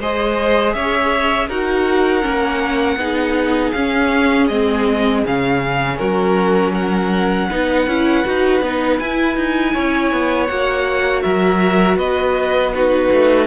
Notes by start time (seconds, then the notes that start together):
0.00 G#3 G#4 C5 D#5
0.74 C#4 C#5 E5
1.48 D#4 F#4 A#4 F#5
2.22 A#3 C#4
2.97 B3 D#4 G#4
3.72 C#4 F5
4.48 G#3 C4 D#5
5.26 C#3 C#4 F5
5.98 F#3 F#4 A#4
6.73 A#4 F#5
7.50 B3 D#4 B4
7.87 C#4 E4
8.25 D#4 F#4
8.62 B3 D#4
8.99 E4 G#5
9.37 D#4
9.74 C#4 C#5
10.12 B3
10.47 A#3 F#4 F#5
11.22 F#3 A#4 E5
11.97 B3 B4 D#5
12.75 D#4 F#4 B4
13.12 A3